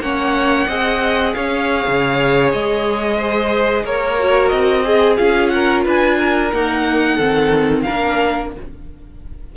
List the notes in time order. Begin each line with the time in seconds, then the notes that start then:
0.00 A#3 C#4 C#5 F#5
0.68 C4 G#4 D#5
1.35 C#4 C#5 F5
1.88 C#3
2.53 G#3 D#5
3.17 C5
3.85 A#3 A#4 C#5
4.19 F#4
4.49 C4 D#5
4.85 G#4
5.17 C#4 F4 F5
5.48 F#5
5.54 A#4
5.85 D4 B4 G#5
6.19 A#4
6.53 A#3 D#4 F#5
7.15 D#3 C4 A4
7.82 D4 A#4 F5
7.90 A#3